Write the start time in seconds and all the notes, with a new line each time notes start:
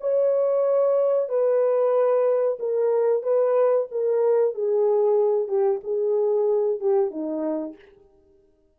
0.00 C#5
1.28 B4
2.59 A#4
3.22 B4
3.91 A#4
4.54 G#4
5.48 G4
5.83 G#4
6.79 G4
7.10 D#4